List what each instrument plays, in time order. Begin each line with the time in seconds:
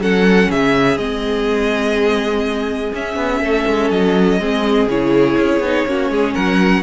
0.00 cello F#3, viola C#4, violin A4 F#5
0.49 cello C#3, violin G#4 E5
0.98 cello G#3, viola C4, violin D#5
2.94 cello C#4, viola C#4, violin E5
3.16 cello B3
3.41 cello A3, violin A4
3.67 cello G#3
3.90 cello F#3, violin D#5
4.39 cello G#3, viola C4, violin G#4
4.88 cello C#3, viola E4, violin C#5
5.38 cello C#4
5.60 cello B3, viola D#4
5.87 cello A#3, viola C#4, violin F#4
6.10 cello G#3, violin G#4
6.35 cello F#3, violin A#4 F#5